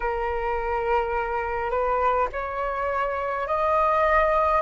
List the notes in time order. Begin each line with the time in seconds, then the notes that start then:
0.00 A#4
1.70 B4
2.32 C#5
3.47 D#5